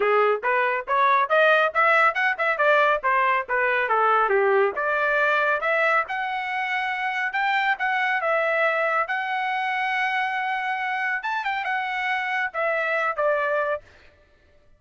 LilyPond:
\new Staff \with { instrumentName = "trumpet" } { \time 4/4 \tempo 4 = 139 gis'4 b'4 cis''4 dis''4 | e''4 fis''8 e''8 d''4 c''4 | b'4 a'4 g'4 d''4~ | d''4 e''4 fis''2~ |
fis''4 g''4 fis''4 e''4~ | e''4 fis''2.~ | fis''2 a''8 g''8 fis''4~ | fis''4 e''4. d''4. | }